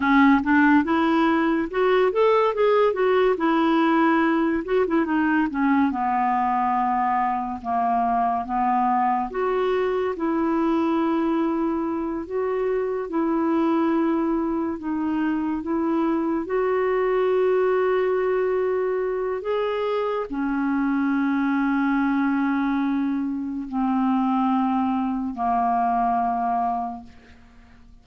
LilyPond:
\new Staff \with { instrumentName = "clarinet" } { \time 4/4 \tempo 4 = 71 cis'8 d'8 e'4 fis'8 a'8 gis'8 fis'8 | e'4. fis'16 e'16 dis'8 cis'8 b4~ | b4 ais4 b4 fis'4 | e'2~ e'8 fis'4 e'8~ |
e'4. dis'4 e'4 fis'8~ | fis'2. gis'4 | cis'1 | c'2 ais2 | }